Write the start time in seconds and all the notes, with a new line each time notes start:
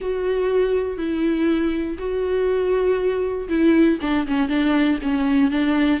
0.00 F#4
0.97 E4
1.98 F#4
3.48 E4
4.01 D4
4.27 C#4
4.48 D4
5.02 C#4
5.50 D4